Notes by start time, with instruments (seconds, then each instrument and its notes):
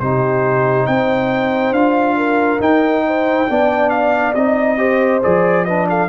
0.00 tuba C3, trombone D#4, horn G4, trumpet C5
0.87 tuba C4, horn C5, trumpet G5
1.72 tuba D4, trombone F4, trumpet F5
2.17 horn A#4
2.60 tuba D#4, trombone D#4, trumpet G5
3.07 horn C5
3.48 tuba B3, trombone D4, horn D5
3.90 trumpet F5
4.35 tuba C4, trombone D#4, trumpet D#5
4.78 trombone G4, horn C5
5.23 tuba F3, trombone G#4, trumpet D5
5.65 trombone D4, horn B4, trumpet D#5
5.90 horn A4, trumpet F5